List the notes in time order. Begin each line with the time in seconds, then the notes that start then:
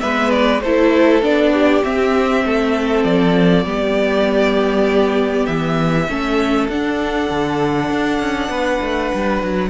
0.00 G#3 B3 B4 E5
0.30 D5
0.61 A3 E4 A4 C5
1.22 B3 D4 D5
1.53 G4
1.83 C4 E5
2.44 A3 A4
3.04 F3 D5
3.64 G3 B3 G4
5.46 E3 E5
6.09 A3 C#4 A4
6.68 D4 F#5
7.30 D3
7.90 D4
8.19 C#4
8.49 B3 B4
8.81 A3
9.14 G3
9.43 F#3